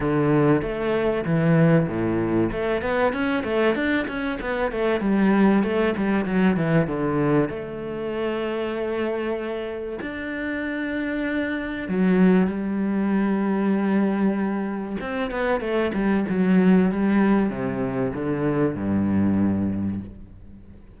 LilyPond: \new Staff \with { instrumentName = "cello" } { \time 4/4 \tempo 4 = 96 d4 a4 e4 a,4 | a8 b8 cis'8 a8 d'8 cis'8 b8 a8 | g4 a8 g8 fis8 e8 d4 | a1 |
d'2. fis4 | g1 | c'8 b8 a8 g8 fis4 g4 | c4 d4 g,2 | }